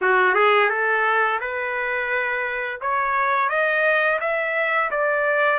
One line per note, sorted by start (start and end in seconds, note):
0.01 0.35 F#4
0.35 0.69 G#4
0.69 1.39 A4
1.40 2.79 B4
2.81 3.49 C#5
3.49 4.19 D#5
4.20 4.90 E5
4.90 5.59 D5